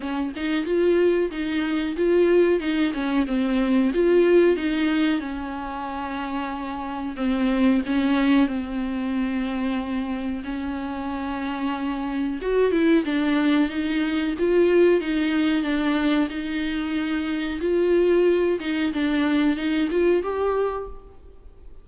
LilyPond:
\new Staff \with { instrumentName = "viola" } { \time 4/4 \tempo 4 = 92 cis'8 dis'8 f'4 dis'4 f'4 | dis'8 cis'8 c'4 f'4 dis'4 | cis'2. c'4 | cis'4 c'2. |
cis'2. fis'8 e'8 | d'4 dis'4 f'4 dis'4 | d'4 dis'2 f'4~ | f'8 dis'8 d'4 dis'8 f'8 g'4 | }